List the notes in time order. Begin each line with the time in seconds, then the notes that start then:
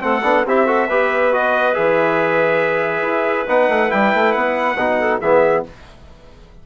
0.00 A3 C4 A4 F#5
0.22 B3 D4
0.46 C4 E4 G4 E5
0.66 F#4 A4
0.88 B3 G4 B4
1.32 F#4 D#5
1.74 E3 G#4 E5
3.01 E4
3.47 B3 D#4 F#5
3.68 A3
3.89 G3 E4 G5
4.14 A3
4.32 B3 F#5
4.76 B2 D#4
4.99 A4
5.20 E3 B3 G#4 E5